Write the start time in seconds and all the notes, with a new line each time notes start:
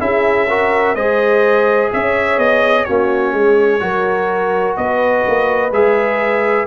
0.00 C#4 E4 G#4 E5
0.48 F#4 A#4
0.95 G#3 G#4 C5 D#5
1.93 C#4 C#5 E5
2.38 B3 D#5
2.85 A#3 C#4 F#4 C#5
3.33 G#3 G#4
3.80 F#3 F#4 A#4
4.77 B3 B4 D#5
5.27 A#3
5.71 G#3 G#4 E5